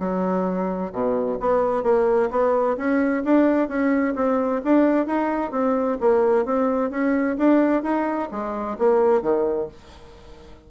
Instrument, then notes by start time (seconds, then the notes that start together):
bassoon
0.00 F#3
0.93 B2
1.40 B3
1.84 A#3
2.31 B3
2.77 C#4
3.25 D4
3.69 C#4
4.16 C4
4.65 D4
5.07 D#4
5.52 C4
6.01 A#3
6.46 C4
6.91 C#4
7.38 D4
7.83 D#4
8.31 G#3
8.79 A#3
9.22 D#3